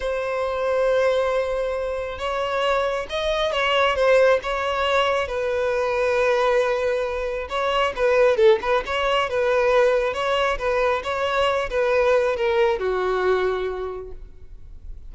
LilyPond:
\new Staff \with { instrumentName = "violin" } { \time 4/4 \tempo 4 = 136 c''1~ | c''4 cis''2 dis''4 | cis''4 c''4 cis''2 | b'1~ |
b'4 cis''4 b'4 a'8 b'8 | cis''4 b'2 cis''4 | b'4 cis''4. b'4. | ais'4 fis'2. | }